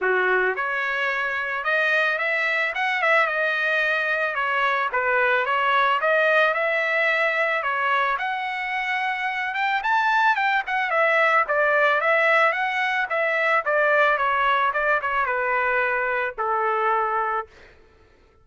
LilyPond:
\new Staff \with { instrumentName = "trumpet" } { \time 4/4 \tempo 4 = 110 fis'4 cis''2 dis''4 | e''4 fis''8 e''8 dis''2 | cis''4 b'4 cis''4 dis''4 | e''2 cis''4 fis''4~ |
fis''4. g''8 a''4 g''8 fis''8 | e''4 d''4 e''4 fis''4 | e''4 d''4 cis''4 d''8 cis''8 | b'2 a'2 | }